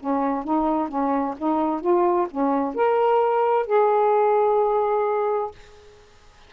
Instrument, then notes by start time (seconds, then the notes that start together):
saxophone
0.00 C#4
0.44 D#4
0.89 C#4
1.38 D#4
1.81 F4
2.31 C#4
2.75 A#4
3.67 G#4